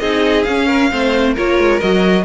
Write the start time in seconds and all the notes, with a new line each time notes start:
0.00 C4 D#4 G#4 D#5
0.44 C#4 F5
0.68 A#4
0.92 A3 C4 C5
1.34 A#3 F4 A#4 C#5
1.59 G#3
1.80 F#3 F#4 D#5